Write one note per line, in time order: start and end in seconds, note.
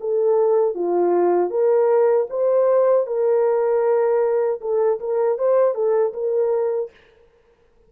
0.00 0.74 A4
0.74 1.50 F4
1.50 2.27 A#4
2.30 3.06 C5
3.06 4.60 A#4
4.61 4.99 A4
5.00 5.38 A#4
5.38 5.74 C5
5.74 6.13 A4
6.14 6.91 A#4